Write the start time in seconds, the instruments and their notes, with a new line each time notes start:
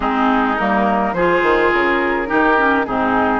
0.00 bassoon G#3, clarinet C4, oboe D#4, flute G#4
0.56 bassoon G3, clarinet A#3, flute A#4
1.13 bassoon F3, clarinet F4, oboe G#4, flute C5
1.42 bassoon D#3
1.72 bassoon C#3, flute A#4
2.26 bassoon D#3, clarinet D#4, oboe G4
2.57 clarinet C#4
2.85 bassoon G#2, clarinet C4, oboe D#4, flute G#4